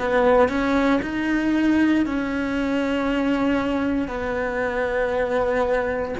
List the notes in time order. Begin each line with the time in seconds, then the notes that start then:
0.00 B3
0.49 C#4
1.03 D#4
2.06 C#4
4.08 B3